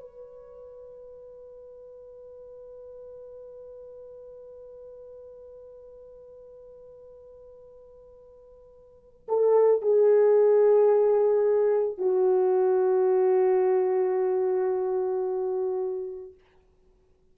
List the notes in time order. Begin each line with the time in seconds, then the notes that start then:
0.00 B4
9.28 A4
9.82 G#4
11.98 F#4